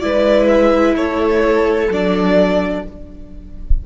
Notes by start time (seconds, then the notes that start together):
0.00 G#3 E4 B4 D5
0.47 E5
0.96 A3 A4 C#5
1.88 F#3 D4 D5